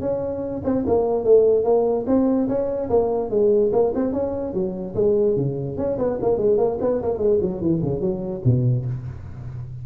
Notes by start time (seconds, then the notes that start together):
0.00 C#4
0.64 C4
0.86 A#3
1.24 A3
1.64 A#3
2.07 C4
2.48 C#4
2.90 A#3
3.30 G#3
3.72 A#3
3.95 C4
4.12 C#4
4.54 F#3
4.95 G#3
5.36 C#3
5.77 C#4
5.98 B3
6.21 A#3
6.37 G#3
6.57 A#3
6.81 B3
7.02 A#3
7.18 G#3
7.41 F#3
7.61 E3
7.83 C#3
8.00 F#3
8.44 B2